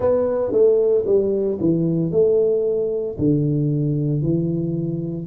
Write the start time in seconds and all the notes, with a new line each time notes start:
0.00 B3
0.52 A3
1.05 G3
1.60 E3
2.11 A3
3.18 D3
4.22 E3